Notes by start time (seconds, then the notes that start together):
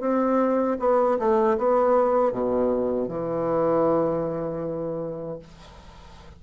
0.00 C4
0.79 B3
1.19 A3
1.58 B3
2.32 B2
3.08 E3